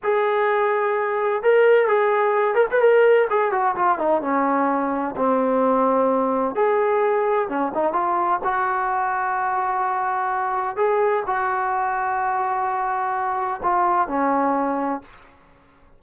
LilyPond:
\new Staff \with { instrumentName = "trombone" } { \time 4/4 \tempo 4 = 128 gis'2. ais'4 | gis'4. ais'16 b'16 ais'4 gis'8 fis'8 | f'8 dis'8 cis'2 c'4~ | c'2 gis'2 |
cis'8 dis'8 f'4 fis'2~ | fis'2. gis'4 | fis'1~ | fis'4 f'4 cis'2 | }